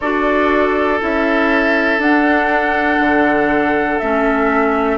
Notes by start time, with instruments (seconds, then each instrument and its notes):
0.00 bassoon D4, clarinet F#4, oboe A4, flute D5
1.00 bassoon C#4, clarinet E4, flute E5
1.98 bassoon D4, clarinet D4, flute F#5
2.99 bassoon D3
3.98 bassoon A3, clarinet C#4, flute E5